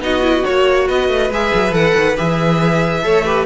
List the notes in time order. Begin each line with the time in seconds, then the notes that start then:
0.00 B3 D#4 F#4 D#5
0.22 E4
0.45 A#3 F#4 C#5
0.87 B3 B4 D#5
1.09 A3
1.30 G#3 G#4 E5
1.55 F#3
1.71 E3 A4 F#5
1.96 D#3
2.17 E3 G#4 E5
3.03 A3 A4 C#5
3.25 G4 B4